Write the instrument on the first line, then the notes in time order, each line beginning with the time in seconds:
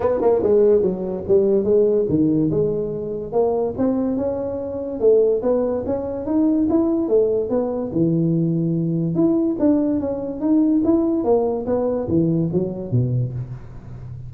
tuba
0.00 B3
0.21 A#3
0.43 G#3
0.81 F#3
1.27 G3
1.64 G#3
2.08 D#3
2.50 G#3
3.32 A#3
3.77 C4
4.16 C#4
4.99 A3
5.42 B3
5.86 C#4
6.25 D#4
6.69 E4
7.08 A3
7.49 B3
7.92 E3
9.14 E4
9.59 D4
10.00 C#4
10.40 D#4
10.84 E4
11.24 A#3
11.66 B3
12.08 E3
12.52 F#3
12.91 B2